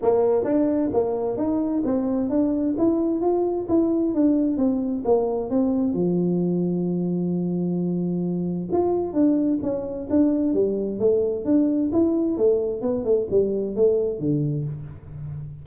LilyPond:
\new Staff \with { instrumentName = "tuba" } { \time 4/4 \tempo 4 = 131 ais4 d'4 ais4 dis'4 | c'4 d'4 e'4 f'4 | e'4 d'4 c'4 ais4 | c'4 f2.~ |
f2. f'4 | d'4 cis'4 d'4 g4 | a4 d'4 e'4 a4 | b8 a8 g4 a4 d4 | }